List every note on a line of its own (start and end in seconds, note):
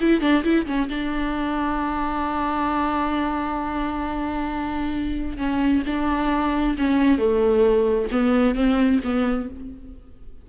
0.00 0.20 E4
0.20 0.43 D4
0.43 0.66 E4
0.66 0.89 C#4
0.89 5.37 D4
5.37 5.82 C#4
5.86 6.76 D4
6.78 7.18 C#4
7.18 8.08 A3
8.11 8.55 B3
8.55 9.00 C4
9.04 9.49 B3